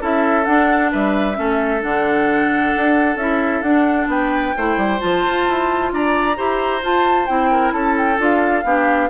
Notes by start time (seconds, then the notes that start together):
0.00 C#4 E4 A4 E5
0.45 D4 F#5
0.91 G3 B4 E5
1.34 A3 C#4 A4
1.81 D3 D4 F#5
2.76 D4
3.16 C#4 E4 E5
3.62 D4 F#5
4.07 B3 B4 G5
4.56 A3 E4 C5
4.77 G3
4.99 F3 F4 A5
5.25 F4
5.48 E4
5.92 D4 D5 A#5
6.36 E4 G4 C5
6.83 F4 A5
7.26 C4 E4 G5
7.51 A#4
7.72 C#4 A4 A5
7.97 G5
8.17 D4 F4 F5
8.64 B3 D4 G4